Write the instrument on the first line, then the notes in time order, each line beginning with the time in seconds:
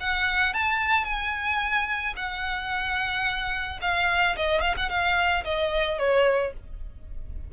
violin
0.00 F#5
0.54 A5
1.05 G#5
2.16 F#5
3.81 F5
4.36 D#5
4.61 F5
4.77 F#5
4.89 F5
5.44 D#5
5.99 C#5